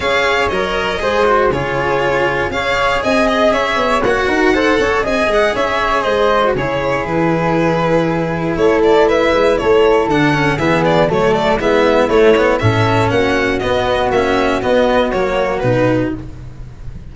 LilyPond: <<
  \new Staff \with { instrumentName = "violin" } { \time 4/4 \tempo 4 = 119 f''4 dis''2 cis''4~ | cis''4 f''4 gis''8 dis''8 e''4 | fis''2 gis''8 fis''8 e''4 | dis''4 cis''4 b'2~ |
b'4 cis''8 d''8 e''4 cis''4 | fis''4 e''8 d''8 cis''8 d''8 e''4 | cis''4 e''4 fis''4 dis''4 | e''4 dis''4 cis''4 b'4 | }
  \new Staff \with { instrumentName = "flute" } { \time 4/4 cis''2 c''4 gis'4~ | gis'4 cis''4 dis''4 cis''4~ | cis''8 ais'8 c''8 cis''8 dis''4 cis''4 | c''4 gis'2.~ |
gis'4 a'4 b'4 a'4~ | a'4 gis'4 a'4 e'4~ | e'4 a'4 fis'2~ | fis'1 | }
  \new Staff \with { instrumentName = "cello" } { \time 4/4 gis'4 ais'4 gis'8 fis'8 f'4~ | f'4 gis'2. | fis'4 a'4 gis'2~ | gis'8. fis'16 e'2.~ |
e'1 | d'8 cis'8 b4 a4 b4 | a8 b8 cis'2 b4 | cis'4 b4 ais4 dis'4 | }
  \new Staff \with { instrumentName = "tuba" } { \time 4/4 cis'4 fis4 gis4 cis4~ | cis4 cis'4 c'4 cis'8 b8 | ais8 dis'4 cis'8 c'8 gis8 cis'4 | gis4 cis4 e2~ |
e4 a4. gis8 a4 | d4 e4 fis4 gis4 | a4 a,4 ais4 b4 | ais4 b4 fis4 b,4 | }
>>